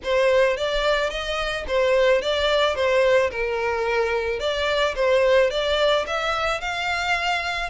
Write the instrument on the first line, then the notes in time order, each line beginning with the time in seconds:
violin
0.03 C5
0.56 D5
1.10 D#5
1.67 C5
2.21 D5
2.75 C5
3.30 A#4
4.39 D5
4.95 C5
5.50 D5
6.06 E5
6.61 F5